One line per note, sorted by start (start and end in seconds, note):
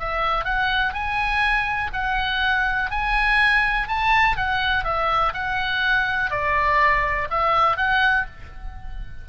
0.00 0.45 E5
0.45 0.94 F#5
0.94 1.92 G#5
1.94 2.91 F#5
2.91 3.88 G#5
3.88 4.37 A5
4.37 4.85 F#5
4.85 5.33 E5
5.34 6.31 F#5
6.31 7.29 D5
7.31 7.77 E5
7.77 8.26 F#5